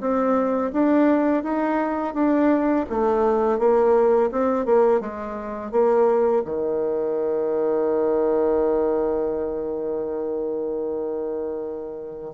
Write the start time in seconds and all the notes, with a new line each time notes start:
0.00 C4
0.73 D4
1.43 D#4
2.14 D4
2.90 A3
3.58 A#3
4.31 C4
4.66 A#3
5.00 G#3
5.71 A#3
6.45 D#3